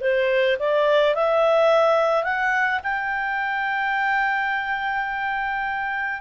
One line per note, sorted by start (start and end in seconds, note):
0.00 0.57 C5
0.59 1.14 D5
1.14 2.23 E5
2.23 2.80 F#5
2.83 6.21 G5